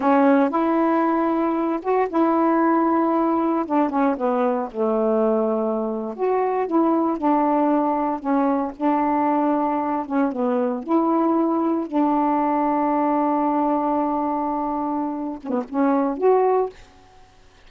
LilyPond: \new Staff \with { instrumentName = "saxophone" } { \time 4/4 \tempo 4 = 115 cis'4 e'2~ e'8 fis'8 | e'2. d'8 cis'8 | b4 a2~ a8. fis'16~ | fis'8. e'4 d'2 cis'16~ |
cis'8. d'2~ d'8 cis'8 b16~ | b8. e'2 d'4~ d'16~ | d'1~ | d'4. cis'16 b16 cis'4 fis'4 | }